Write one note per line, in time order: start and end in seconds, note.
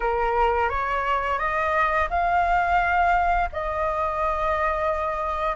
0.00 0.69 A#4
0.69 1.38 C#5
1.38 2.08 D#5
2.09 3.49 F5
3.52 5.56 D#5